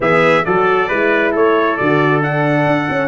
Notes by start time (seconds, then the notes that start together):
0.00 E3 B3 G#4 E5
0.44 F#3 F#4 A4 D5
0.88 G#3 E4 B4
1.31 A3 A4 C#5
1.76 D3 F#4 D5
2.21 D4 F#5
2.66 D4
2.89 C#4